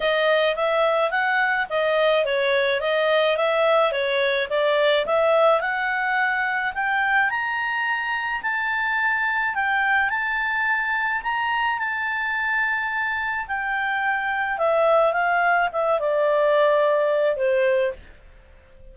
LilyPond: \new Staff \with { instrumentName = "clarinet" } { \time 4/4 \tempo 4 = 107 dis''4 e''4 fis''4 dis''4 | cis''4 dis''4 e''4 cis''4 | d''4 e''4 fis''2 | g''4 ais''2 a''4~ |
a''4 g''4 a''2 | ais''4 a''2. | g''2 e''4 f''4 | e''8 d''2~ d''8 c''4 | }